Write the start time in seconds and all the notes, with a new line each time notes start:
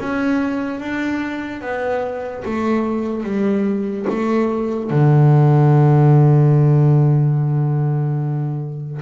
0.00 C#4
0.80 D4
1.62 B3
2.45 A3
3.24 G3
4.10 A3
4.91 D3